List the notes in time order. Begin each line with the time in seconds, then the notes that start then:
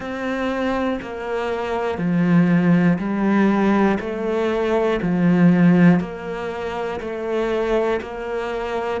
0.00 C4
1.01 A#3
1.97 F3
2.98 G3
4.00 A3
5.02 F3
6.00 A#3
7.00 A3
8.01 A#3